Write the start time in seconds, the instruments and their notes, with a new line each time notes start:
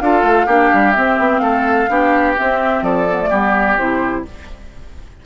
0.00 bassoon D4, clarinet F4, oboe A4, flute F5
0.22 bassoon A3
0.46 bassoon A#3, clarinet D4, oboe G4
0.73 bassoon G3
0.92 clarinet C4, bassoon C4, flute E5
1.18 bassoon B3
1.38 bassoon A3, oboe A4, flute F5
1.89 bassoon B3, clarinet D4, oboe G4
2.37 clarinet C4, bassoon C4, flute E5
2.82 bassoon F3, oboe A4, flute D5
3.09 clarinet B3
3.21 clarinet A3
3.29 bassoon G3, clarinet B3, oboe G4
3.78 bassoon C3, clarinet E4, flute C5